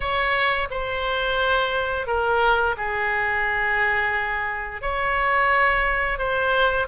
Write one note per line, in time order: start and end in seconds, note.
0.00 0.68 C#5
0.70 2.06 C5
2.06 2.75 A#4
2.77 4.81 G#4
4.81 6.18 C#5
6.18 6.87 C5